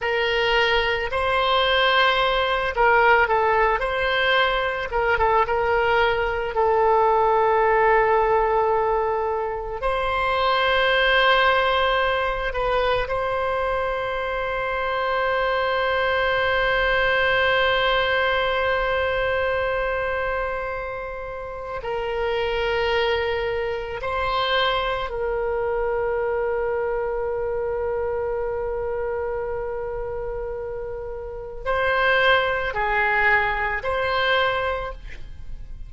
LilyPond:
\new Staff \with { instrumentName = "oboe" } { \time 4/4 \tempo 4 = 55 ais'4 c''4. ais'8 a'8 c''8~ | c''8 ais'16 a'16 ais'4 a'2~ | a'4 c''2~ c''8 b'8 | c''1~ |
c''1 | ais'2 c''4 ais'4~ | ais'1~ | ais'4 c''4 gis'4 c''4 | }